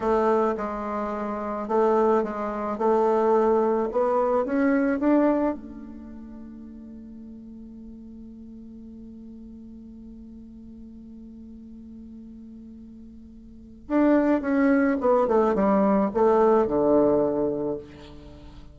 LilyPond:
\new Staff \with { instrumentName = "bassoon" } { \time 4/4 \tempo 4 = 108 a4 gis2 a4 | gis4 a2 b4 | cis'4 d'4 a2~ | a1~ |
a1~ | a1~ | a4 d'4 cis'4 b8 a8 | g4 a4 d2 | }